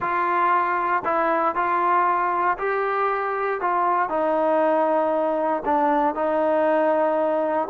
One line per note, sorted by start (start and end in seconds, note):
0.00 1.03 F4
1.05 1.55 E4
1.55 2.57 F4
2.58 3.60 G4
3.61 4.09 F4
4.09 5.63 D#4
5.65 6.14 D4
6.14 7.68 D#4